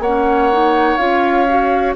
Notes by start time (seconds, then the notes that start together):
0.00 A#3 C#4 C#5 F#5
0.53 D#4
0.97 C#4 F4 F5
1.48 F#4